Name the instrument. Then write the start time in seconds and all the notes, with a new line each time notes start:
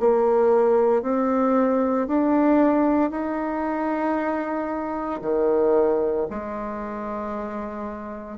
bassoon
0.00 A#3
1.02 C4
2.08 D4
3.11 D#4
5.22 D#3
6.30 G#3